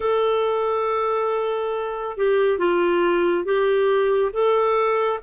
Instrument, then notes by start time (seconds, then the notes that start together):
clarinet
0.00 A4
2.17 G4
2.58 F4
3.44 G4
4.32 A4